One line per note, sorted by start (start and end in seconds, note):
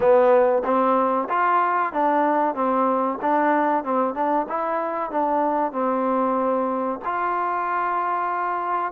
0.00 0.62 B3
0.64 1.28 C4
1.29 1.92 F4
1.92 2.54 D4
2.54 3.18 C4
3.21 3.84 D4
3.84 4.14 C4
4.14 4.46 D4
4.49 5.10 E4
5.10 5.72 D4
5.72 6.99 C4
7.04 8.92 F4